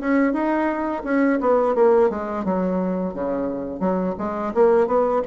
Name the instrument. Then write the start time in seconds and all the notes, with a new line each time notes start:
bassoon
0.00 C#4
0.33 D#4
1.04 C#4
1.40 B3
1.75 A#3
2.10 G#3
2.45 F#3
3.14 C#3
3.80 F#3
4.18 G#3
4.54 A#3
4.87 B3